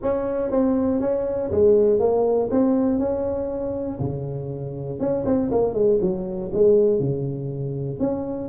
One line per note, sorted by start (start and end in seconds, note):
0.02 0.50 C#4
0.50 1.00 C4
1.00 1.50 C#4
1.51 1.99 G#3
1.99 2.49 A#3
2.50 2.98 C4
2.98 3.98 C#4
3.99 4.99 C#3
4.99 5.24 C#4
5.25 5.50 C4
5.51 5.73 A#3
5.73 5.98 G#3
6.01 6.51 F#3
6.52 6.99 G#3
6.99 7.99 C#3
7.99 8.48 C#4